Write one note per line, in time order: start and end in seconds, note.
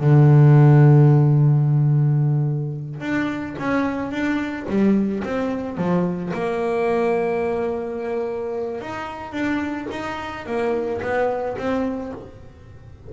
0.00 3.00 D3
3.00 3.55 D4
3.58 4.11 C#4
4.11 4.66 D4
4.68 5.23 G3
5.24 5.77 C4
5.77 6.32 F3
6.33 8.81 A#3
8.81 9.32 D#4
9.32 9.87 D4
9.91 10.46 D#4
10.46 11.01 A#3
11.01 11.56 B3
11.57 12.12 C4